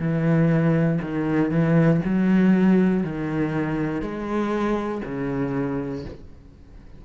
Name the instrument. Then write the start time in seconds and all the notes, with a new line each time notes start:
cello
0.00 E3
1.02 D#3
1.51 E3
2.05 F#3
3.04 D#3
4.02 G#3
5.05 C#3